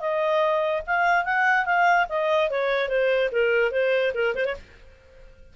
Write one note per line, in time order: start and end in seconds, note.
0.00 0.82 D#5
0.87 1.25 F5
1.25 1.66 F#5
1.66 2.07 F5
2.09 2.50 D#5
2.50 2.89 C#5
2.89 3.30 C5
3.32 3.72 A#4
3.72 4.13 C5
4.14 4.35 A#4
4.35 4.46 C5
4.46 4.56 C#5